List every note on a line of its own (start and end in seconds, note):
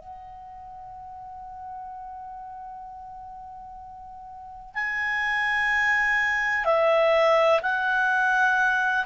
0.00 4.75 F#5
4.75 6.65 G#5
6.65 7.60 E5
7.62 9.05 F#5